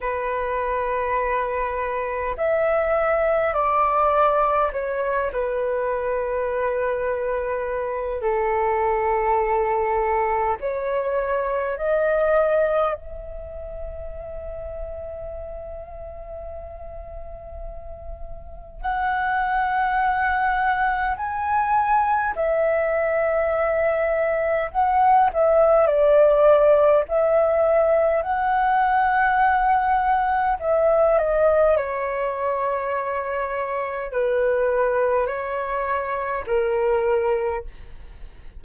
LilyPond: \new Staff \with { instrumentName = "flute" } { \time 4/4 \tempo 4 = 51 b'2 e''4 d''4 | cis''8 b'2~ b'8 a'4~ | a'4 cis''4 dis''4 e''4~ | e''1 |
fis''2 gis''4 e''4~ | e''4 fis''8 e''8 d''4 e''4 | fis''2 e''8 dis''8 cis''4~ | cis''4 b'4 cis''4 ais'4 | }